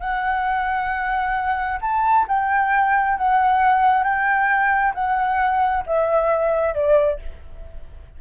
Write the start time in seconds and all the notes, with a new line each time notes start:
0.00 F#5
1.81 A5
2.28 G5
3.18 F#5
4.04 G5
4.95 F#5
5.87 E5
6.74 D5